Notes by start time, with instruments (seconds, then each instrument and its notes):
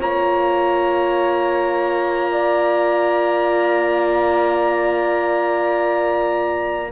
0.00 cello A#3, horn F4 C#5, trumpet A#5
2.32 horn D5